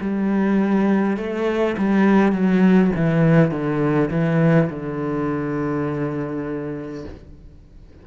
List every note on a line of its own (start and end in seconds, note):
0.00 1.17 G3
1.17 1.75 A3
1.78 2.32 G3
2.32 2.90 F#3
2.95 3.51 E3
3.51 4.10 D3
4.10 4.69 E3
4.70 7.05 D3